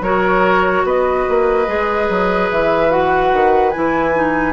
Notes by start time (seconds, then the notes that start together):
0.00 F#3 F#4 A#4 C#5
0.84 B3 B4 D#5
1.28 A#3
1.66 G#3 G#4
2.09 F#3
2.50 E3 E5
2.90 F#4 F#5
3.32 D#3
3.70 E3 E4 G#5
4.15 D#4